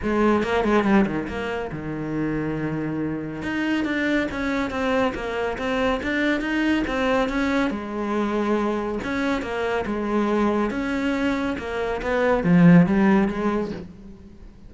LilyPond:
\new Staff \with { instrumentName = "cello" } { \time 4/4 \tempo 4 = 140 gis4 ais8 gis8 g8 dis8 ais4 | dis1 | dis'4 d'4 cis'4 c'4 | ais4 c'4 d'4 dis'4 |
c'4 cis'4 gis2~ | gis4 cis'4 ais4 gis4~ | gis4 cis'2 ais4 | b4 f4 g4 gis4 | }